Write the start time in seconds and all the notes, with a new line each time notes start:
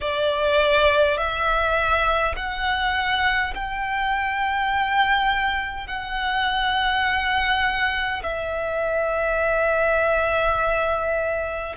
0.00 D5
1.17 E5
2.35 F#5
3.55 G5
5.87 F#5
8.22 E5